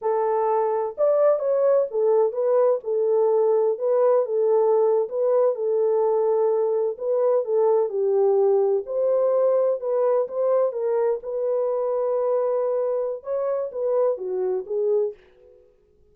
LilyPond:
\new Staff \with { instrumentName = "horn" } { \time 4/4 \tempo 4 = 127 a'2 d''4 cis''4 | a'4 b'4 a'2 | b'4 a'4.~ a'16 b'4 a'16~ | a'2~ a'8. b'4 a'16~ |
a'8. g'2 c''4~ c''16~ | c''8. b'4 c''4 ais'4 b'16~ | b'1 | cis''4 b'4 fis'4 gis'4 | }